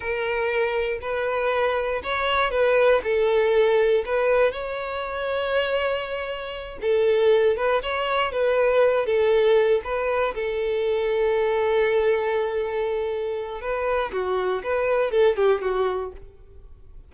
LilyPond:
\new Staff \with { instrumentName = "violin" } { \time 4/4 \tempo 4 = 119 ais'2 b'2 | cis''4 b'4 a'2 | b'4 cis''2.~ | cis''4. a'4. b'8 cis''8~ |
cis''8 b'4. a'4. b'8~ | b'8 a'2.~ a'8~ | a'2. b'4 | fis'4 b'4 a'8 g'8 fis'4 | }